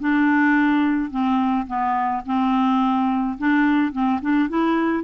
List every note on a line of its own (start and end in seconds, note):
0.00 1.10 D4
1.10 1.66 C4
1.67 2.23 B3
2.26 3.38 C4
3.38 3.92 D4
3.92 4.20 C4
4.22 4.49 D4
4.49 5.04 E4